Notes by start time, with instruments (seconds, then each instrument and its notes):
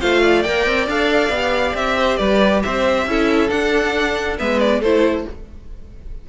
0.00 cello A3, viola F4, violin C5 F5
0.22 violin D5
0.43 cello A#3, viola A#4, violin G5
0.66 cello C4
0.87 cello D4, viola A4, violin F5
1.29 cello B3, viola G4
1.74 cello C4, violin E5
1.98 violin C5
2.17 cello G3, violin B4 D5
2.63 cello C4, violin C5 E5
3.06 cello C#4, viola E4, violin A4
3.49 viola D4, cello D4, violin F#5
4.38 cello G#3, viola B3, violin B4 E5
4.60 violin D5
4.80 cello A3, viola E4, violin A4 C5